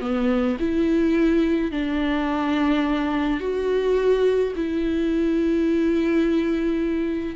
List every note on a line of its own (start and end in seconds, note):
0.00 0.57 B3
0.59 1.71 E4
1.71 3.40 D4
3.40 4.53 F#4
4.55 7.35 E4